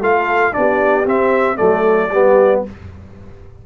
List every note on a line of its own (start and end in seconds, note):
0.00 0.52 A3
0.00 0.52 F4
0.00 0.54 A4
0.00 0.53 F5
0.52 1.05 B3
0.52 1.04 D4
0.52 1.57 G4
0.52 1.06 D5
1.05 1.57 C4
1.05 1.56 C4
1.05 1.57 E5
1.56 2.11 F#3
1.56 2.08 A3
1.56 2.09 A4
1.56 2.61 D5
2.10 2.63 G3
2.10 2.66 B3
2.10 2.62 G4